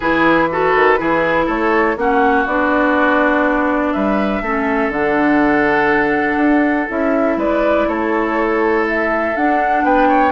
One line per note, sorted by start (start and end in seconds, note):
0.00 0.75 E3
0.00 0.50 E4
0.00 0.48 G#4
0.00 1.47 B4
0.51 0.98 F#4
0.51 0.99 A4
0.75 1.00 D#3
0.98 1.48 E3
0.98 1.96 E4
0.98 1.46 G#4
1.46 1.96 A3
1.46 1.95 A4
1.46 1.97 C#5
1.96 2.45 A#3
1.96 2.46 C#4
1.96 3.93 F#4
1.96 2.47 F#5
2.46 3.93 B3
2.46 4.44 D4
2.46 3.92 D5
3.92 4.41 G3
3.92 4.42 B4
3.92 4.91 E5
4.41 4.88 A3
4.41 4.93 C#4
4.41 7.37 A4
4.88 6.36 D3
4.88 6.88 D4
4.88 6.89 F#5
6.36 6.85 D4
6.88 7.36 C#4
6.88 9.34 E4
6.88 7.39 E5
7.36 7.86 G#3
7.36 7.87 B4
7.36 7.88 D5
7.87 9.35 A3
7.87 9.84 A4
7.87 8.86 C#5
8.88 9.36 E5
9.35 10.31 D4
9.35 9.83 D4
9.35 9.85 F#5
9.83 10.31 B3
9.83 10.08 B4
9.83 10.31 G5
10.08 10.31 C#5